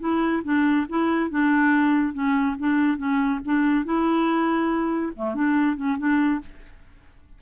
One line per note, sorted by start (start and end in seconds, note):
0.00 0.43 E4
0.44 0.87 D4
0.89 1.31 E4
1.31 2.14 D4
2.14 2.56 C#4
2.59 2.97 D4
2.97 3.40 C#4
3.45 3.85 D4
3.85 5.13 E4
5.16 5.35 A3
5.35 5.76 D4
5.76 5.98 C#4
5.98 6.41 D4